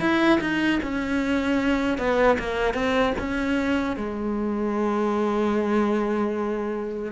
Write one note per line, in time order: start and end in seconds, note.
0.00 0.39 E4
0.41 0.80 D#4
0.83 1.98 C#4
1.98 2.38 B3
2.39 2.74 A#3
2.74 3.14 C4
3.19 3.97 C#4
3.97 7.12 G#3